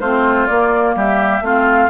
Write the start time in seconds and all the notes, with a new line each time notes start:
0.00 A3 C4 F4 C5
0.47 A#3 D5
0.96 G3 G4 E5
1.41 A3 C4 F4 F5